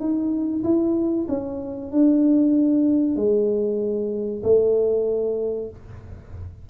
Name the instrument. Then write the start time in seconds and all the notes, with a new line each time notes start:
tuba
0.00 D#4
0.64 E4
1.28 C#4
1.92 D4
3.16 G#3
4.43 A3